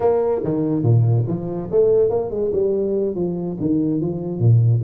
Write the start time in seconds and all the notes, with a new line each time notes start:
0.00 A#3
0.44 D#3
0.82 A#2
1.27 F3
1.71 A3
2.09 A#3
2.30 G#3
2.52 G3
3.15 F3
3.60 D#3
4.01 F3
4.39 A#2